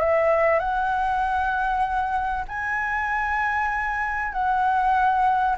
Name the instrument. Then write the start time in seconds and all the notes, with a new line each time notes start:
flute
0.00 E5
0.59 F#5
2.48 G#5
4.32 F#5